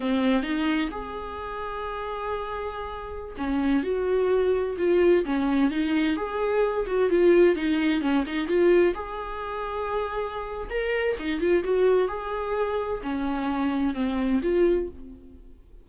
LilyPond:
\new Staff \with { instrumentName = "viola" } { \time 4/4 \tempo 4 = 129 c'4 dis'4 gis'2~ | gis'2.~ gis'16 cis'8.~ | cis'16 fis'2 f'4 cis'8.~ | cis'16 dis'4 gis'4. fis'8 f'8.~ |
f'16 dis'4 cis'8 dis'8 f'4 gis'8.~ | gis'2. ais'4 | dis'8 f'8 fis'4 gis'2 | cis'2 c'4 f'4 | }